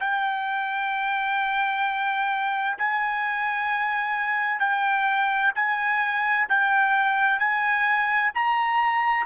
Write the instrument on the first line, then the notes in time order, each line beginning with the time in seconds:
trumpet
0.00 G5
2.78 G#5
4.60 G5
5.55 G#5
6.49 G5
7.39 G#5
8.34 A#5